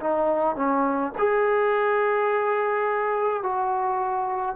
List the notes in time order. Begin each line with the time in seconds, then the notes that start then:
0.00 D#4
0.56 C#4
1.19 G#4
3.43 F#4